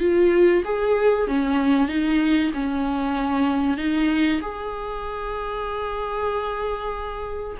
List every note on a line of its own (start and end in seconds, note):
0.00 0.63 F4
0.65 1.28 G#4
1.28 1.89 C#4
1.89 2.52 D#4
2.54 3.78 C#4
3.78 4.41 D#4
4.42 7.57 G#4